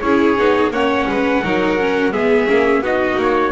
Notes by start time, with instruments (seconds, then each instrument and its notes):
0.00 double bass C#4, viola E4, violin G#4, trumpet C#5
0.37 double bass B3, viola D#4
0.70 double bass A#3, viola C#4, violin C#5, trumpet F#5
1.08 double bass G#3, violin B4
1.43 double bass F#3, viola D#4, violin A#4
1.79 viola C#4
2.12 double bass G#3, viola B3, violin G#4, trumpet E5
2.47 double bass A#3, viola C#4
2.81 double bass B3, viola D#4, violin F#4, trumpet D#5
3.18 double bass A#3, trumpet C#5